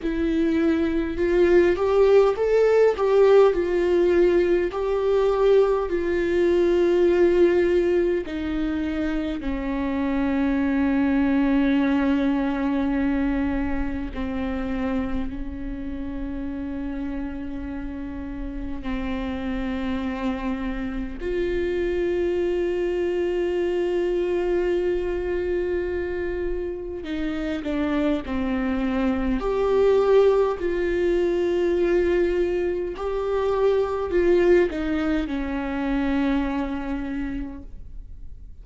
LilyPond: \new Staff \with { instrumentName = "viola" } { \time 4/4 \tempo 4 = 51 e'4 f'8 g'8 a'8 g'8 f'4 | g'4 f'2 dis'4 | cis'1 | c'4 cis'2. |
c'2 f'2~ | f'2. dis'8 d'8 | c'4 g'4 f'2 | g'4 f'8 dis'8 cis'2 | }